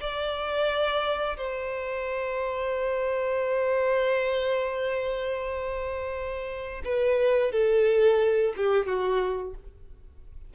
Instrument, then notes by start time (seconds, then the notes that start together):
violin
0.00 D5
1.37 C5
6.85 B4
7.52 A4
8.57 G4
8.86 F#4